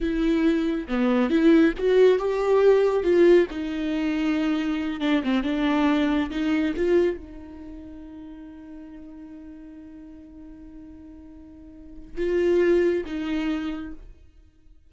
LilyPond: \new Staff \with { instrumentName = "viola" } { \time 4/4 \tempo 4 = 138 e'2 b4 e'4 | fis'4 g'2 f'4 | dis'2.~ dis'8 d'8 | c'8 d'2 dis'4 f'8~ |
f'8 dis'2.~ dis'8~ | dis'1~ | dis'1 | f'2 dis'2 | }